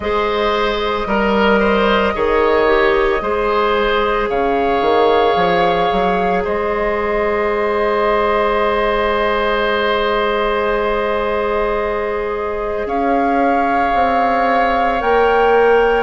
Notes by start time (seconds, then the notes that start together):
0.00 G#3 G#4 C5 D#5
1.06 G3 A#4
1.59 C5
2.14 D#3 G#4 C#5
2.66 G4
3.20 G#3 G#4 C5
4.29 C#3 C#5 F5
4.81 D#3
5.35 F3
5.92 F#3
6.44 G#3 C5 D#5
12.85 C#4 C#5 F5
13.94 C4
15.00 A#3 A#4 G5